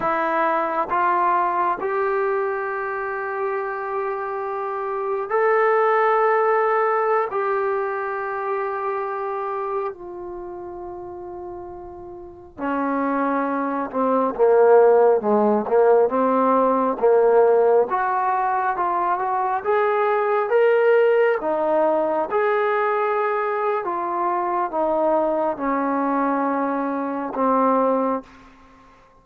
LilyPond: \new Staff \with { instrumentName = "trombone" } { \time 4/4 \tempo 4 = 68 e'4 f'4 g'2~ | g'2 a'2~ | a'16 g'2. f'8.~ | f'2~ f'16 cis'4. c'16~ |
c'16 ais4 gis8 ais8 c'4 ais8.~ | ais16 fis'4 f'8 fis'8 gis'4 ais'8.~ | ais'16 dis'4 gis'4.~ gis'16 f'4 | dis'4 cis'2 c'4 | }